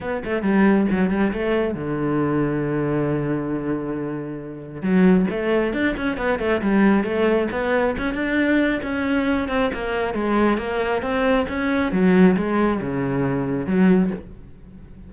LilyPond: \new Staff \with { instrumentName = "cello" } { \time 4/4 \tempo 4 = 136 b8 a8 g4 fis8 g8 a4 | d1~ | d2. fis4 | a4 d'8 cis'8 b8 a8 g4 |
a4 b4 cis'8 d'4. | cis'4. c'8 ais4 gis4 | ais4 c'4 cis'4 fis4 | gis4 cis2 fis4 | }